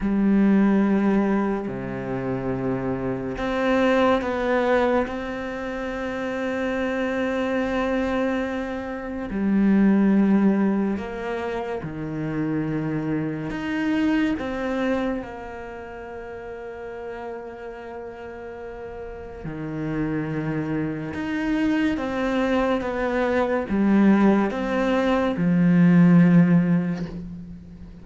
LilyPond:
\new Staff \with { instrumentName = "cello" } { \time 4/4 \tempo 4 = 71 g2 c2 | c'4 b4 c'2~ | c'2. g4~ | g4 ais4 dis2 |
dis'4 c'4 ais2~ | ais2. dis4~ | dis4 dis'4 c'4 b4 | g4 c'4 f2 | }